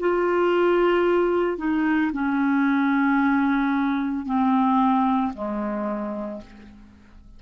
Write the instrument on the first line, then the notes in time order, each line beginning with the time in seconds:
clarinet
0.00 F4
1.58 D#4
2.13 C#4
4.26 C4
5.34 G#3